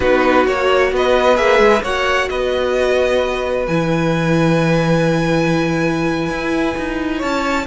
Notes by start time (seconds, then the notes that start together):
0.00 B3 D#4 F#4 B4
0.46 A#3 F#4 C#5
0.92 B3 B4 D#5
1.35 A#3 G#4 E5
1.58 G#3
1.82 A#3 F#4 C#5 F#5
2.28 B3 B4 D#5
3.66 E3 E4 G#5
6.29 E4
6.77 D#4
7.17 C#4 C#5 A5